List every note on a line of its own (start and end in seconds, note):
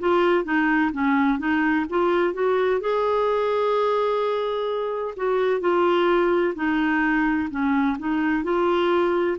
0.00 0.45 F4
0.45 0.92 D#4
0.93 1.39 C#4
1.39 1.86 D#4
1.90 2.34 F4
2.34 2.81 F#4
2.81 5.15 G#4
5.17 5.61 F#4
5.61 6.55 F4
6.55 7.49 D#4
7.51 7.98 C#4
7.99 8.44 D#4
8.44 9.37 F4